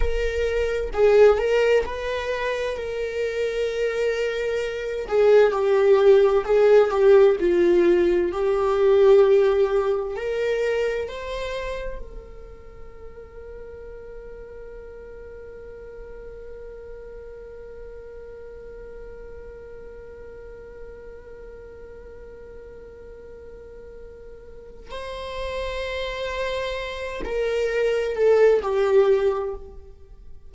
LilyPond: \new Staff \with { instrumentName = "viola" } { \time 4/4 \tempo 4 = 65 ais'4 gis'8 ais'8 b'4 ais'4~ | ais'4. gis'8 g'4 gis'8 g'8 | f'4 g'2 ais'4 | c''4 ais'2.~ |
ais'1~ | ais'1~ | ais'2. c''4~ | c''4. ais'4 a'8 g'4 | }